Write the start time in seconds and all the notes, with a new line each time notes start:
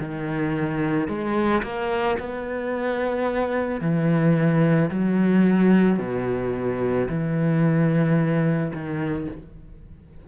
0.00 D#3
1.09 G#3
1.63 A#3
2.20 B3
3.81 E3
4.91 F#3
6.00 B2
7.09 E3
8.74 D#3